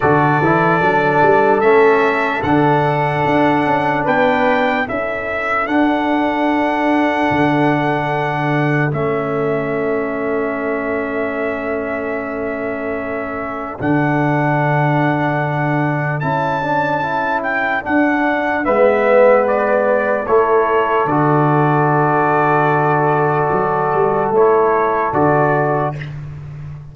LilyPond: <<
  \new Staff \with { instrumentName = "trumpet" } { \time 4/4 \tempo 4 = 74 d''2 e''4 fis''4~ | fis''4 g''4 e''4 fis''4~ | fis''2. e''4~ | e''1~ |
e''4 fis''2. | a''4. g''8 fis''4 e''4 | d''4 cis''4 d''2~ | d''2 cis''4 d''4 | }
  \new Staff \with { instrumentName = "horn" } { \time 4/4 a'1~ | a'4 b'4 a'2~ | a'1~ | a'1~ |
a'1~ | a'2. b'4~ | b'4 a'2.~ | a'1 | }
  \new Staff \with { instrumentName = "trombone" } { \time 4/4 fis'8 e'8 d'4 cis'4 d'4~ | d'2 e'4 d'4~ | d'2. cis'4~ | cis'1~ |
cis'4 d'2. | e'8 d'8 e'4 d'4 b4~ | b4 e'4 fis'2~ | fis'2 e'4 fis'4 | }
  \new Staff \with { instrumentName = "tuba" } { \time 4/4 d8 e8 fis8 g8 a4 d4 | d'8 cis'8 b4 cis'4 d'4~ | d'4 d2 a4~ | a1~ |
a4 d2. | cis'2 d'4 gis4~ | gis4 a4 d2~ | d4 fis8 g8 a4 d4 | }
>>